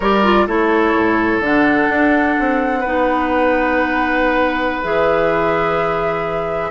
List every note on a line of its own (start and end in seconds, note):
0.00 0.47 G3
0.00 0.24 G4
0.00 0.45 A#4
0.00 0.47 D5
0.24 0.47 F4
0.46 0.94 A3
0.46 1.42 E4
0.46 2.80 A4
0.46 1.42 C#5
0.95 1.40 A2
1.40 1.87 D3
1.40 2.84 D4
1.40 4.83 F#5
1.88 2.36 D4
2.39 2.85 C4
2.80 4.83 B3
2.80 4.83 D#4
2.80 6.69 B4
4.83 6.71 E3
4.83 6.71 G#4
4.83 6.71 E5